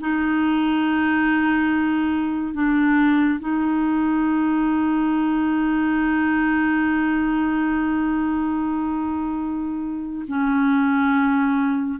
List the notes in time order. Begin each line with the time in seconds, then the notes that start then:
0.00 D#4
2.54 D4
3.40 D#4
10.28 C#4